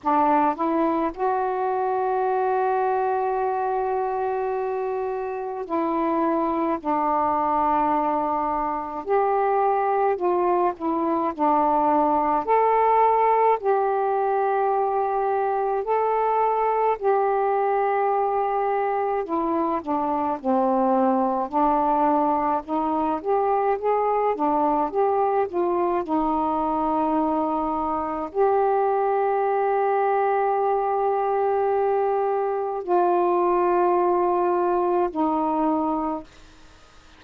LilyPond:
\new Staff \with { instrumentName = "saxophone" } { \time 4/4 \tempo 4 = 53 d'8 e'8 fis'2.~ | fis'4 e'4 d'2 | g'4 f'8 e'8 d'4 a'4 | g'2 a'4 g'4~ |
g'4 e'8 d'8 c'4 d'4 | dis'8 g'8 gis'8 d'8 g'8 f'8 dis'4~ | dis'4 g'2.~ | g'4 f'2 dis'4 | }